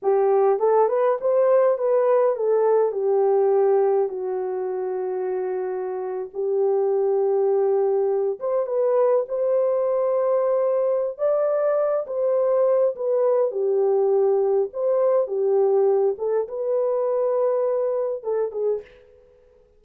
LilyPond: \new Staff \with { instrumentName = "horn" } { \time 4/4 \tempo 4 = 102 g'4 a'8 b'8 c''4 b'4 | a'4 g'2 fis'4~ | fis'2~ fis'8. g'4~ g'16~ | g'2~ g'16 c''8 b'4 c''16~ |
c''2. d''4~ | d''8 c''4. b'4 g'4~ | g'4 c''4 g'4. a'8 | b'2. a'8 gis'8 | }